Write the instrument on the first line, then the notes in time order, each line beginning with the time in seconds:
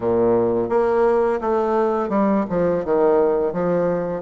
bassoon
0.00 A#2
0.69 A#3
1.41 A3
2.09 G3
2.49 F3
2.84 D#3
3.53 F3